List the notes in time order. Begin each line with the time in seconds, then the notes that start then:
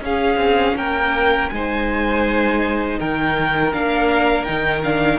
0.00 C#4 G#4 F5
0.06 C#4
0.36 C4
0.75 A#3 A#4 G5
1.49 G#3 D#4 C5 G#5
2.99 D#3 A#4 G5
3.72 A#3 D4 F5
4.44 D#3 D#4 G5
4.83 D4 F5